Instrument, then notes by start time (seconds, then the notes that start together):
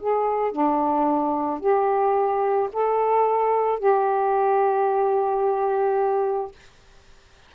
saxophone
0.00 G#4
0.52 D4
1.60 G4
2.73 A4
3.79 G4